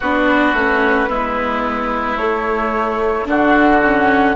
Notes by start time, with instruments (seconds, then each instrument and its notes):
0.00 bassoon B3, viola D4, oboe F#4, flute B4
0.53 bassoon A3, viola C#4
1.09 bassoon G#3, viola B3, oboe E4
2.16 bassoon A3, viola A3, flute C#5
3.25 bassoon D3, viola D4, oboe F#4, flute F#5
3.83 viola C#4